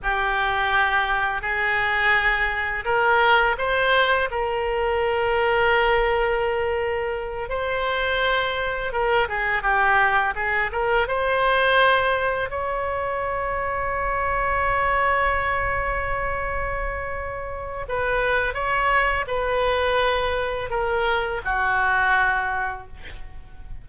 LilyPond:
\new Staff \with { instrumentName = "oboe" } { \time 4/4 \tempo 4 = 84 g'2 gis'2 | ais'4 c''4 ais'2~ | ais'2~ ais'8 c''4.~ | c''8 ais'8 gis'8 g'4 gis'8 ais'8 c''8~ |
c''4. cis''2~ cis''8~ | cis''1~ | cis''4 b'4 cis''4 b'4~ | b'4 ais'4 fis'2 | }